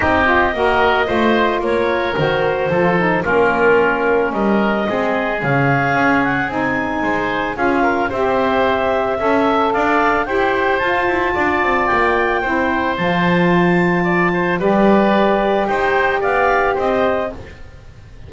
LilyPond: <<
  \new Staff \with { instrumentName = "clarinet" } { \time 4/4 \tempo 4 = 111 dis''2. cis''4 | c''2 ais'2 | dis''2 f''4. fis''8 | gis''2 f''4 e''4~ |
e''2 f''4 g''4 | a''2 g''2 | a''2. d''4~ | d''4 g''4 f''4 dis''4 | }
  \new Staff \with { instrumentName = "oboe" } { \time 4/4 g'4 ais'4 c''4 ais'4~ | ais'4 a'4 f'2 | ais'4 gis'2.~ | gis'4 c''4 gis'8 ais'8 c''4~ |
c''4 e''4 d''4 c''4~ | c''4 d''2 c''4~ | c''2 d''8 c''8 b'4~ | b'4 c''4 d''4 c''4 | }
  \new Staff \with { instrumentName = "saxophone" } { \time 4/4 dis'8 f'8 fis'4 f'2 | fis'4 f'8 dis'8 cis'2~ | cis'4 c'4 cis'2 | dis'2 f'4 g'4~ |
g'4 a'2 g'4 | f'2. e'4 | f'2. g'4~ | g'1 | }
  \new Staff \with { instrumentName = "double bass" } { \time 4/4 c'4 ais4 a4 ais4 | dis4 f4 ais2 | g4 gis4 cis4 cis'4 | c'4 gis4 cis'4 c'4~ |
c'4 cis'4 d'4 e'4 | f'8 e'8 d'8 c'8 ais4 c'4 | f2. g4~ | g4 dis'4 b4 c'4 | }
>>